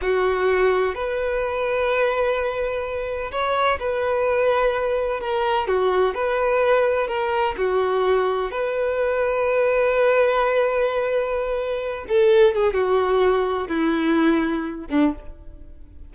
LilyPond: \new Staff \with { instrumentName = "violin" } { \time 4/4 \tempo 4 = 127 fis'2 b'2~ | b'2. cis''4 | b'2. ais'4 | fis'4 b'2 ais'4 |
fis'2 b'2~ | b'1~ | b'4. a'4 gis'8 fis'4~ | fis'4 e'2~ e'8 d'8 | }